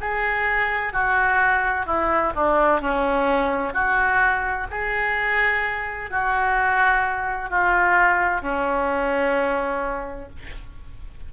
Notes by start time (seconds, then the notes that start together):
0.00 G#4
0.92 F#4
1.85 E4
2.35 D4
2.80 C#4
3.73 F#4
4.70 G#4
6.10 F#4
7.50 F4
8.41 C#4